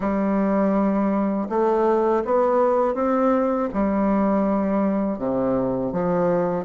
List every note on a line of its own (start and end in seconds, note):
0.00 1.48 G3
1.49 2.23 A3
2.25 2.94 B3
2.94 3.68 C4
3.73 5.18 G3
5.18 5.92 C3
5.92 6.65 F3